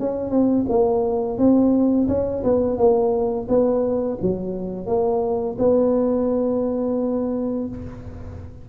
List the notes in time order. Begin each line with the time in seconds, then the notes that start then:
0.00 C#4
0.31 C4
0.69 A#3
1.38 C4
2.09 C#4
2.44 B3
2.78 A#3
3.49 B3
4.22 F#3
4.87 A#3
5.59 B3